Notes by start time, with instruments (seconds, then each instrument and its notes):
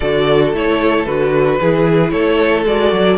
0.00 cello D3, viola F#4, violin A4 D5
0.53 cello A3, viola E4, violin C#5
1.05 cello D3, viola F#4, violin B4
1.60 cello E3, viola E4, violin G#4
2.10 cello A3, violin A4 C#5
2.65 cello G#3, viola F#4, violin D5
2.92 cello F#3